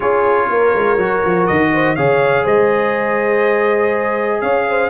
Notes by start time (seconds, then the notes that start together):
0.00 C#4 F4 G#4 C#5
0.48 A#3 A#4
0.74 G#3
0.97 F#3 F#4
1.25 F3
1.46 D#3 D#5
1.73 C5
1.95 C#3 G#4 C#5 F5
2.44 G#3 C5 D#5
4.41 C#4 C#5 F5
4.69 C5